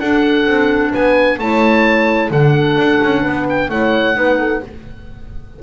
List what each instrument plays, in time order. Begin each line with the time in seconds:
0.00 double bass D4, clarinet D4, horn A4, oboe F#5
0.47 double bass C4
0.91 double bass B3, horn B4, oboe G#5
1.39 double bass A3, clarinet E4, horn C#5, oboe A5
2.31 double bass D3, clarinet D4, horn A4, oboe F#5
2.77 double bass D4
3.03 double bass C#4
3.22 double bass B3, horn B4
3.50 oboe G5
3.69 double bass A3, clarinet E4, horn C#5, oboe F#5
4.14 double bass B3, clarinet D#4, horn B4
4.39 horn A4